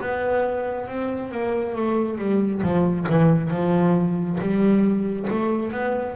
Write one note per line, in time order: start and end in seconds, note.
0.00 0.87 B3
0.87 1.31 C4
1.31 1.75 A#3
1.75 2.17 A3
2.17 2.61 G3
2.62 3.06 F3
3.09 3.50 E3
3.50 4.38 F3
4.40 5.28 G3
5.30 5.72 A3
5.72 6.16 B3